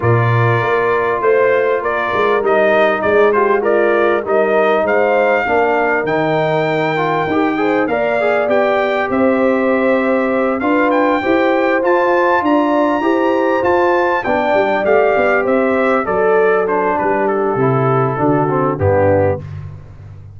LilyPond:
<<
  \new Staff \with { instrumentName = "trumpet" } { \time 4/4 \tempo 4 = 99 d''2 c''4 d''4 | dis''4 d''8 c''8 d''4 dis''4 | f''2 g''2~ | g''4 f''4 g''4 e''4~ |
e''4. f''8 g''4. a''8~ | a''8 ais''2 a''4 g''8~ | g''8 f''4 e''4 d''4 c''8 | b'8 a'2~ a'8 g'4 | }
  \new Staff \with { instrumentName = "horn" } { \time 4/4 ais'2 c''4 ais'4~ | ais'4 gis'8 g'8 f'4 ais'4 | c''4 ais'2.~ | ais'8 c''8 d''2 c''4~ |
c''4. b'4 c''4.~ | c''8 d''4 c''2 d''8~ | d''4. c''4 a'4. | g'2 fis'4 d'4 | }
  \new Staff \with { instrumentName = "trombone" } { \time 4/4 f'1 | dis'4. f'8 ais'4 dis'4~ | dis'4 d'4 dis'4. f'8 | g'8 gis'8 ais'8 gis'8 g'2~ |
g'4. f'4 g'4 f'8~ | f'4. g'4 f'4 d'8~ | d'8 g'2 a'4 d'8~ | d'4 e'4 d'8 c'8 b4 | }
  \new Staff \with { instrumentName = "tuba" } { \time 4/4 ais,4 ais4 a4 ais8 gis8 | g4 gis2 g4 | gis4 ais4 dis2 | dis'4 ais4 b4 c'4~ |
c'4. d'4 e'4 f'8~ | f'8 d'4 e'4 f'4 b8 | g8 a8 b8 c'4 fis4. | g4 c4 d4 g,4 | }
>>